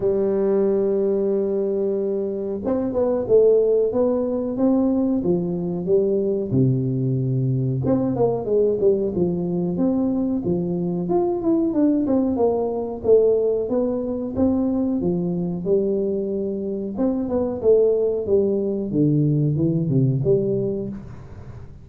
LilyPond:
\new Staff \with { instrumentName = "tuba" } { \time 4/4 \tempo 4 = 92 g1 | c'8 b8 a4 b4 c'4 | f4 g4 c2 | c'8 ais8 gis8 g8 f4 c'4 |
f4 f'8 e'8 d'8 c'8 ais4 | a4 b4 c'4 f4 | g2 c'8 b8 a4 | g4 d4 e8 c8 g4 | }